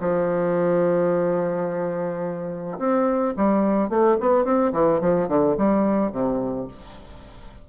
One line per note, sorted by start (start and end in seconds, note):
0.00 2.78 F3
2.79 3.34 C4
3.36 3.89 G3
3.89 4.17 A3
4.20 4.44 B3
4.44 4.72 C4
4.72 5.00 E3
5.00 5.28 F3
5.28 5.56 D3
5.57 6.11 G3
6.11 6.67 C3